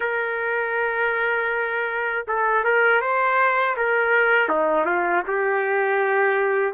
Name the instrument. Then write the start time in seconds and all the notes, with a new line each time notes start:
trumpet
0.00 A#4
2.27 A4
2.64 A#4
3.01 C5
3.76 A#4
4.48 D#4
4.85 F4
5.27 G4